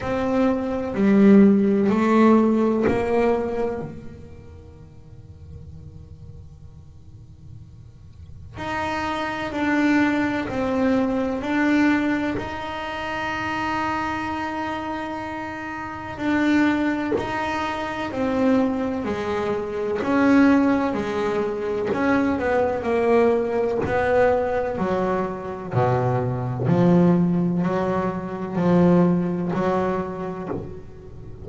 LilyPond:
\new Staff \with { instrumentName = "double bass" } { \time 4/4 \tempo 4 = 63 c'4 g4 a4 ais4 | dis1~ | dis4 dis'4 d'4 c'4 | d'4 dis'2.~ |
dis'4 d'4 dis'4 c'4 | gis4 cis'4 gis4 cis'8 b8 | ais4 b4 fis4 b,4 | f4 fis4 f4 fis4 | }